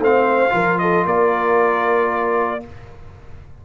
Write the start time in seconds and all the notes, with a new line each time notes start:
0.00 A3 C4 C5 F5
0.50 F3 F4 A#4
0.79 A4 D#5
1.06 A#3 A#4 D5